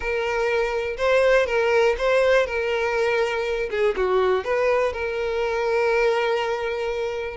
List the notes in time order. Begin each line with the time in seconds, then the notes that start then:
0.00 A#4
0.97 C5
1.46 A#4
1.97 C5
2.46 A#4
3.70 G#4
3.96 F#4
4.44 B4
4.92 A#4